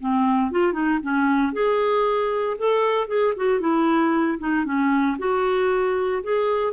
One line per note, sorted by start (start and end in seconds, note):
0.00 0.51 C4
0.51 0.73 F4
0.73 0.99 D#4
1.02 1.52 C#4
1.52 2.57 G#4
2.58 3.08 A4
3.08 3.34 G#4
3.36 3.60 F#4
3.60 4.38 E4
4.38 4.65 D#4
4.65 5.17 C#4
5.18 6.23 F#4
6.23 6.73 G#4